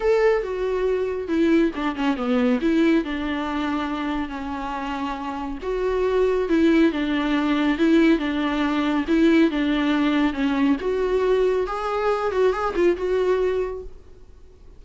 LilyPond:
\new Staff \with { instrumentName = "viola" } { \time 4/4 \tempo 4 = 139 a'4 fis'2 e'4 | d'8 cis'8 b4 e'4 d'4~ | d'2 cis'2~ | cis'4 fis'2 e'4 |
d'2 e'4 d'4~ | d'4 e'4 d'2 | cis'4 fis'2 gis'4~ | gis'8 fis'8 gis'8 f'8 fis'2 | }